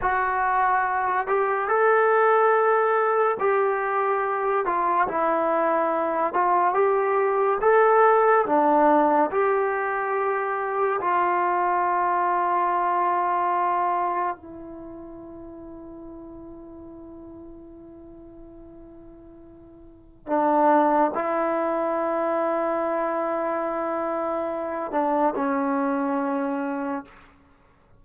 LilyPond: \new Staff \with { instrumentName = "trombone" } { \time 4/4 \tempo 4 = 71 fis'4. g'8 a'2 | g'4. f'8 e'4. f'8 | g'4 a'4 d'4 g'4~ | g'4 f'2.~ |
f'4 e'2.~ | e'1 | d'4 e'2.~ | e'4. d'8 cis'2 | }